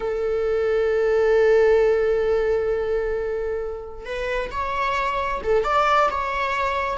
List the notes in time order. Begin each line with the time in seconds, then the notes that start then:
0.00 A4
4.05 B4
4.51 C#5
5.43 A4
5.63 D5
6.10 C#5